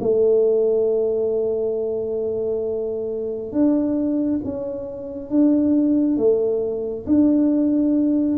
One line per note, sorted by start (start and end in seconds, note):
0.00 3.52 A3
3.52 4.40 D4
4.44 5.30 C#4
5.30 6.17 D4
6.17 7.05 A3
7.06 8.38 D4